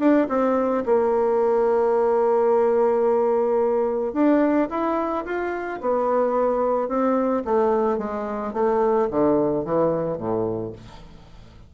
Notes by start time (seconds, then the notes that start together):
0.00 D4
0.29 C4
0.86 A#3
4.14 D4
4.70 E4
5.26 F4
5.81 B3
6.89 C4
7.45 A3
7.99 G#3
8.54 A3
9.11 D3
9.66 E3
10.18 A2